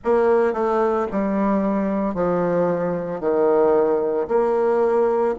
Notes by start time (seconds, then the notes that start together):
0.04 A#3
0.53 A3
1.11 G3
2.14 F3
3.20 D#3
4.28 A#3